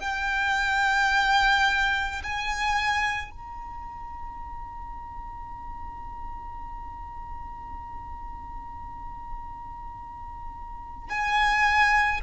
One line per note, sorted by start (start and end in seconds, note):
0.00 2.22 G5
2.23 3.31 G#5
3.31 11.09 A#5
11.10 12.21 G#5